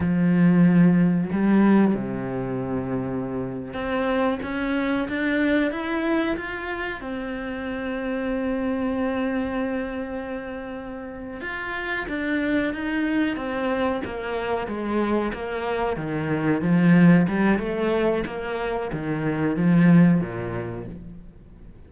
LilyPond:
\new Staff \with { instrumentName = "cello" } { \time 4/4 \tempo 4 = 92 f2 g4 c4~ | c4.~ c16 c'4 cis'4 d'16~ | d'8. e'4 f'4 c'4~ c'16~ | c'1~ |
c'4. f'4 d'4 dis'8~ | dis'8 c'4 ais4 gis4 ais8~ | ais8 dis4 f4 g8 a4 | ais4 dis4 f4 ais,4 | }